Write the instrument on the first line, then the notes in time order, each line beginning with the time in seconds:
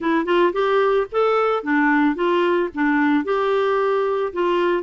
clarinet
0.00 E4
0.25 F4
0.53 G4
1.11 A4
1.63 D4
2.15 F4
2.74 D4
3.24 G4
4.32 F4